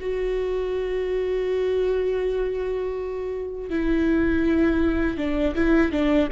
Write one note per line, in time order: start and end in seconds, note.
0.00 3.70 F#4
3.70 5.18 E4
5.18 5.55 D4
5.55 5.92 E4
5.92 6.29 D4